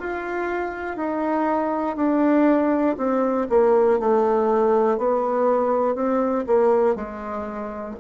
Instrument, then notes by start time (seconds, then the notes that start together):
bassoon
0.00 F4
0.97 D#4
1.96 D4
2.98 C4
3.50 A#3
4.00 A3
4.98 B3
5.95 C4
6.47 A#3
6.96 G#3